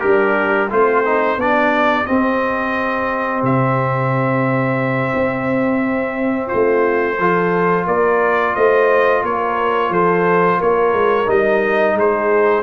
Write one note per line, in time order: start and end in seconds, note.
0.00 0.71 G3
0.00 0.71 D4
0.00 0.68 G4
0.00 0.69 A#4
0.70 1.37 A3
0.70 1.39 C4
0.70 1.04 F4
0.70 1.40 C5
1.05 1.39 D#4
1.37 2.05 B3
1.37 2.06 D4
1.37 6.47 G4
1.37 2.06 D5
2.06 7.17 C4
2.06 3.43 C4
2.06 3.42 D#5
3.43 5.13 C3
3.43 6.49 E5
5.15 6.51 C4
6.47 7.15 F4
6.47 7.85 C5
6.54 7.19 A3
7.19 7.87 F3
7.19 11.27 F4
7.19 7.87 A4
7.87 8.55 A#3
7.87 8.55 A#4
7.87 8.56 D5
8.55 9.23 A3
8.55 9.24 C5
8.55 9.24 D#5
9.23 9.90 A#3
9.23 9.92 A#4
9.23 9.93 C#5
9.90 10.58 F3
9.90 10.59 A4
9.90 10.61 C5
10.59 10.93 A#3
10.59 11.95 A#4
10.59 11.30 C#5
10.93 11.27 G#3
11.27 11.95 G3
11.27 12.63 D#4
11.27 11.98 D#5
11.95 12.63 G#3
11.95 12.63 G#4
11.95 12.63 C5